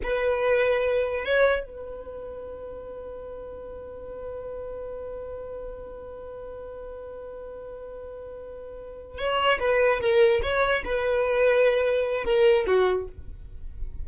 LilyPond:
\new Staff \with { instrumentName = "violin" } { \time 4/4 \tempo 4 = 147 b'2. cis''4 | b'1~ | b'1~ | b'1~ |
b'1~ | b'2~ b'8 cis''4 b'8~ | b'8 ais'4 cis''4 b'4.~ | b'2 ais'4 fis'4 | }